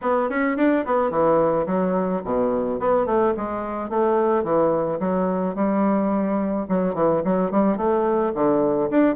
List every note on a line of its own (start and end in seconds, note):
0.01 0.29 B3
0.29 0.57 C#4
0.57 0.84 D4
0.85 1.10 B3
1.10 1.66 E3
1.66 2.21 F#3
2.24 2.79 B2
2.79 3.06 B3
3.06 3.33 A3
3.36 3.89 G#3
3.89 4.43 A3
4.43 4.99 E3
4.99 5.55 F#3
5.55 6.66 G3
6.68 6.94 F#3
6.94 7.22 E3
7.24 7.51 F#3
7.51 7.77 G3
7.77 8.33 A3
8.34 8.90 D3
8.90 9.15 D4